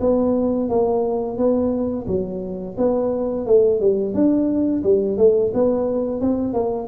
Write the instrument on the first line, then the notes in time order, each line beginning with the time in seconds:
tuba
0.00 B3
0.69 A#3
1.37 B3
2.07 F#3
2.77 B3
3.46 A3
3.80 G3
4.14 D4
4.83 G3
5.17 A3
5.54 B3
6.21 C4
6.53 A#3